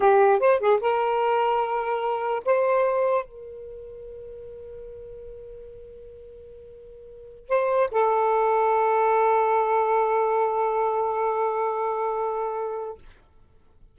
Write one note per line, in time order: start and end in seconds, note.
0.00 0.39 G4
0.39 0.59 C5
0.59 0.79 G#4
0.80 2.43 A#4
2.45 3.25 C5
3.25 7.48 A#4
7.48 7.89 C5
7.91 12.98 A4